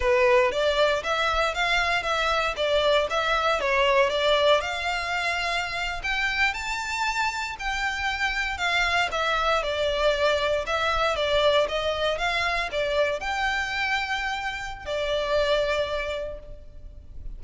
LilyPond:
\new Staff \with { instrumentName = "violin" } { \time 4/4 \tempo 4 = 117 b'4 d''4 e''4 f''4 | e''4 d''4 e''4 cis''4 | d''4 f''2~ f''8. g''16~ | g''8. a''2 g''4~ g''16~ |
g''8. f''4 e''4 d''4~ d''16~ | d''8. e''4 d''4 dis''4 f''16~ | f''8. d''4 g''2~ g''16~ | g''4 d''2. | }